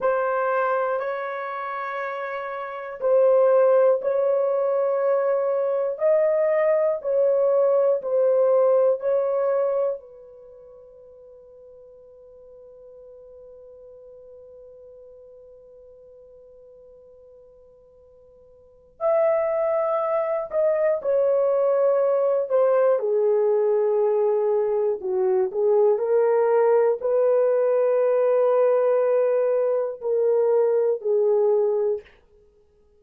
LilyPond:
\new Staff \with { instrumentName = "horn" } { \time 4/4 \tempo 4 = 60 c''4 cis''2 c''4 | cis''2 dis''4 cis''4 | c''4 cis''4 b'2~ | b'1~ |
b'2. e''4~ | e''8 dis''8 cis''4. c''8 gis'4~ | gis'4 fis'8 gis'8 ais'4 b'4~ | b'2 ais'4 gis'4 | }